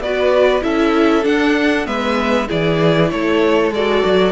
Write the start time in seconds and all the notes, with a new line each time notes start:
0.00 B3 F#4 B4 D5
0.62 C#4 E4 A4 E5
1.23 D4 F#5
1.85 G#3 B3 B4 E5
2.48 E3 E4 G#4 D5
3.11 A3 A4 C#5
3.72 G#3 F#4 D5
4.05 F#3